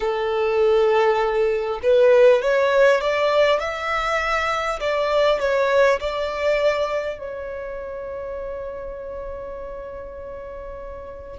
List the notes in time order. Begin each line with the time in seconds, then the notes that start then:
0.00 A4
1.83 B4
2.42 C#5
3.00 D5
3.59 E5
4.80 D5
5.39 C#5
6.00 D5
7.18 C#5